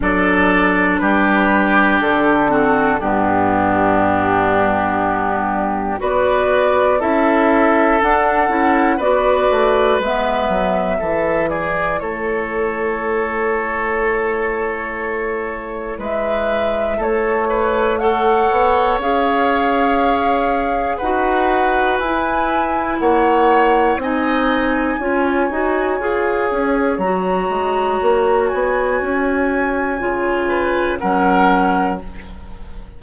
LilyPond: <<
  \new Staff \with { instrumentName = "flute" } { \time 4/4 \tempo 4 = 60 d''4 b'4 a'4 g'4~ | g'2 d''4 e''4 | fis''4 d''4 e''4. d''8 | cis''1 |
e''4 cis''4 fis''4 f''4~ | f''4 fis''4 gis''4 fis''4 | gis''2. ais''4~ | ais''8 gis''2~ gis''8 fis''4 | }
  \new Staff \with { instrumentName = "oboe" } { \time 4/4 a'4 g'4. fis'8 d'4~ | d'2 b'4 a'4~ | a'4 b'2 a'8 gis'8 | a'1 |
b'4 a'8 b'8 cis''2~ | cis''4 b'2 cis''4 | dis''4 cis''2.~ | cis''2~ cis''8 b'8 ais'4 | }
  \new Staff \with { instrumentName = "clarinet" } { \time 4/4 d'2~ d'8 c'8 b4~ | b2 fis'4 e'4 | d'8 e'8 fis'4 b4 e'4~ | e'1~ |
e'2 a'4 gis'4~ | gis'4 fis'4 e'2 | dis'4 f'8 fis'8 gis'4 fis'4~ | fis'2 f'4 cis'4 | }
  \new Staff \with { instrumentName = "bassoon" } { \time 4/4 fis4 g4 d4 g,4~ | g,2 b4 cis'4 | d'8 cis'8 b8 a8 gis8 fis8 e4 | a1 |
gis4 a4. b8 cis'4~ | cis'4 dis'4 e'4 ais4 | c'4 cis'8 dis'8 f'8 cis'8 fis8 gis8 | ais8 b8 cis'4 cis4 fis4 | }
>>